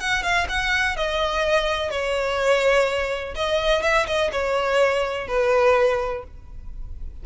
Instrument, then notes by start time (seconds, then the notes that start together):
violin
0.00 F#5
0.23 F5
0.48 F#5
0.96 D#5
1.90 C#5
3.35 D#5
3.82 E5
4.06 D#5
4.32 C#5
5.27 B4